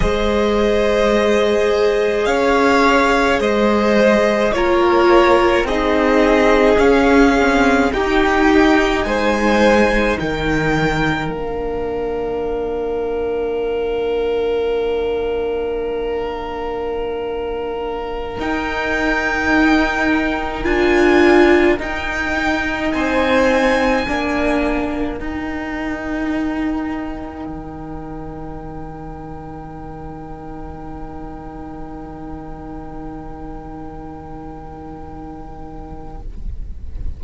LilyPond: <<
  \new Staff \with { instrumentName = "violin" } { \time 4/4 \tempo 4 = 53 dis''2 f''4 dis''4 | cis''4 dis''4 f''4 g''4 | gis''4 g''4 f''2~ | f''1~ |
f''16 g''2 gis''4 g''8.~ | g''16 gis''2 g''4.~ g''16~ | g''1~ | g''1 | }
  \new Staff \with { instrumentName = "violin" } { \time 4/4 c''2 cis''4 c''4 | ais'4 gis'2 g'4 | c''4 ais'2.~ | ais'1~ |
ais'1~ | ais'16 c''4 ais'2~ ais'8.~ | ais'1~ | ais'1 | }
  \new Staff \with { instrumentName = "viola" } { \time 4/4 gis'1 | f'4 dis'4 cis'8 c'8 dis'4~ | dis'2 d'2~ | d'1~ |
d'16 dis'2 f'4 dis'8.~ | dis'4~ dis'16 d'4 dis'4.~ dis'16~ | dis'1~ | dis'1 | }
  \new Staff \with { instrumentName = "cello" } { \time 4/4 gis2 cis'4 gis4 | ais4 c'4 cis'4 dis'4 | gis4 dis4 ais2~ | ais1~ |
ais16 dis'2 d'4 dis'8.~ | dis'16 c'4 ais4 dis'4.~ dis'16~ | dis'16 dis2.~ dis8.~ | dis1 | }
>>